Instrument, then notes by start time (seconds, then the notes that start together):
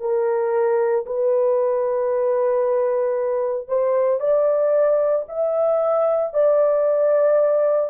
horn
0.00 A#4
1.06 B4
3.68 C5
4.20 D5
5.28 E5
6.33 D5